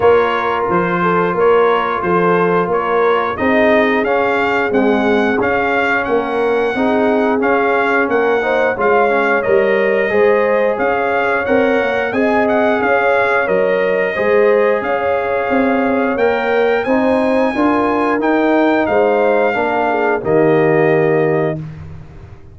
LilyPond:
<<
  \new Staff \with { instrumentName = "trumpet" } { \time 4/4 \tempo 4 = 89 cis''4 c''4 cis''4 c''4 | cis''4 dis''4 f''4 fis''4 | f''4 fis''2 f''4 | fis''4 f''4 dis''2 |
f''4 fis''4 gis''8 fis''8 f''4 | dis''2 f''2 | g''4 gis''2 g''4 | f''2 dis''2 | }
  \new Staff \with { instrumentName = "horn" } { \time 4/4 ais'4. a'8 ais'4 a'4 | ais'4 gis'2.~ | gis'4 ais'4 gis'2 | ais'8 c''8 cis''2 c''4 |
cis''2 dis''4 cis''4~ | cis''4 c''4 cis''2~ | cis''4 c''4 ais'2 | c''4 ais'8 gis'8 g'2 | }
  \new Staff \with { instrumentName = "trombone" } { \time 4/4 f'1~ | f'4 dis'4 cis'4 gis4 | cis'2 dis'4 cis'4~ | cis'8 dis'8 f'8 cis'8 ais'4 gis'4~ |
gis'4 ais'4 gis'2 | ais'4 gis'2. | ais'4 dis'4 f'4 dis'4~ | dis'4 d'4 ais2 | }
  \new Staff \with { instrumentName = "tuba" } { \time 4/4 ais4 f4 ais4 f4 | ais4 c'4 cis'4 c'4 | cis'4 ais4 c'4 cis'4 | ais4 gis4 g4 gis4 |
cis'4 c'8 ais8 c'4 cis'4 | fis4 gis4 cis'4 c'4 | ais4 c'4 d'4 dis'4 | gis4 ais4 dis2 | }
>>